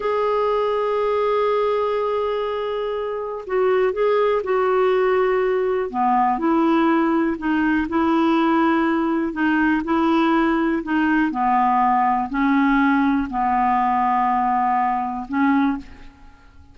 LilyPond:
\new Staff \with { instrumentName = "clarinet" } { \time 4/4 \tempo 4 = 122 gis'1~ | gis'2. fis'4 | gis'4 fis'2. | b4 e'2 dis'4 |
e'2. dis'4 | e'2 dis'4 b4~ | b4 cis'2 b4~ | b2. cis'4 | }